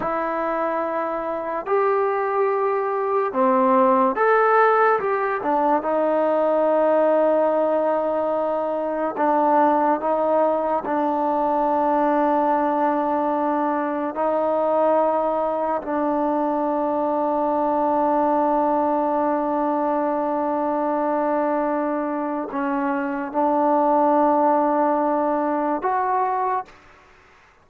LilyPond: \new Staff \with { instrumentName = "trombone" } { \time 4/4 \tempo 4 = 72 e'2 g'2 | c'4 a'4 g'8 d'8 dis'4~ | dis'2. d'4 | dis'4 d'2.~ |
d'4 dis'2 d'4~ | d'1~ | d'2. cis'4 | d'2. fis'4 | }